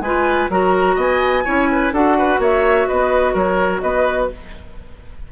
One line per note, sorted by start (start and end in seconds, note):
0.00 0.48 G#3
0.00 0.50 F4
0.00 0.51 B4
0.00 0.49 G#5
0.49 0.96 F#3
0.49 1.44 F#4
0.49 0.95 A#4
0.49 1.00 A#5
0.95 1.44 B3
0.95 1.43 D#5
0.95 1.93 G#5
1.44 1.92 C#4
1.44 1.92 E4
1.44 1.68 C#5
1.72 1.93 B4
1.92 2.39 D4
1.92 4.32 F#4
1.92 2.17 A4
1.92 2.41 F#5
2.18 2.40 B4
2.39 2.86 A#3
2.39 2.88 C#5
2.39 2.88 E5
2.88 3.34 B3
2.88 3.33 B4
2.88 3.35 D#5
3.33 3.82 F#3
3.33 3.81 A#4
3.33 3.81 C#5
3.81 4.30 B3
3.81 4.30 B4
3.81 4.28 D#5